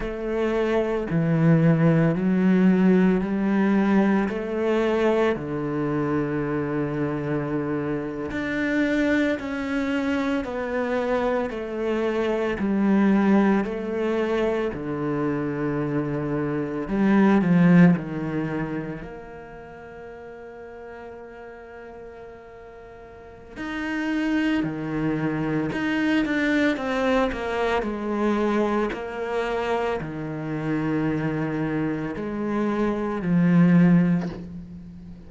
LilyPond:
\new Staff \with { instrumentName = "cello" } { \time 4/4 \tempo 4 = 56 a4 e4 fis4 g4 | a4 d2~ d8. d'16~ | d'8. cis'4 b4 a4 g16~ | g8. a4 d2 g16~ |
g16 f8 dis4 ais2~ ais16~ | ais2 dis'4 dis4 | dis'8 d'8 c'8 ais8 gis4 ais4 | dis2 gis4 f4 | }